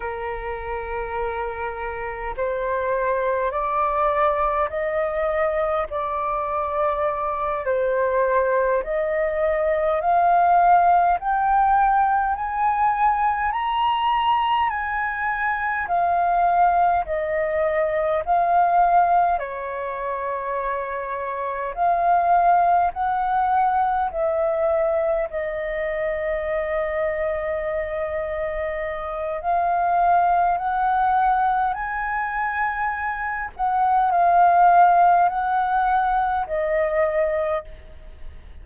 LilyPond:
\new Staff \with { instrumentName = "flute" } { \time 4/4 \tempo 4 = 51 ais'2 c''4 d''4 | dis''4 d''4. c''4 dis''8~ | dis''8 f''4 g''4 gis''4 ais''8~ | ais''8 gis''4 f''4 dis''4 f''8~ |
f''8 cis''2 f''4 fis''8~ | fis''8 e''4 dis''2~ dis''8~ | dis''4 f''4 fis''4 gis''4~ | gis''8 fis''8 f''4 fis''4 dis''4 | }